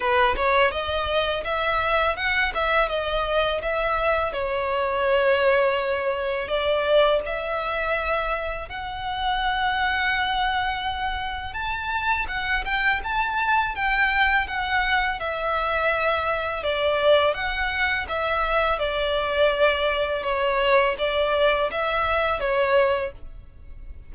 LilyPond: \new Staff \with { instrumentName = "violin" } { \time 4/4 \tempo 4 = 83 b'8 cis''8 dis''4 e''4 fis''8 e''8 | dis''4 e''4 cis''2~ | cis''4 d''4 e''2 | fis''1 |
a''4 fis''8 g''8 a''4 g''4 | fis''4 e''2 d''4 | fis''4 e''4 d''2 | cis''4 d''4 e''4 cis''4 | }